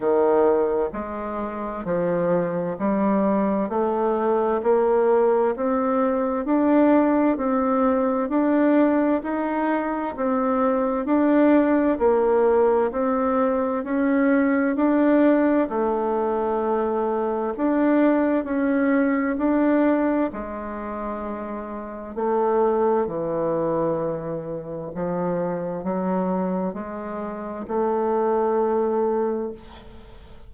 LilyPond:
\new Staff \with { instrumentName = "bassoon" } { \time 4/4 \tempo 4 = 65 dis4 gis4 f4 g4 | a4 ais4 c'4 d'4 | c'4 d'4 dis'4 c'4 | d'4 ais4 c'4 cis'4 |
d'4 a2 d'4 | cis'4 d'4 gis2 | a4 e2 f4 | fis4 gis4 a2 | }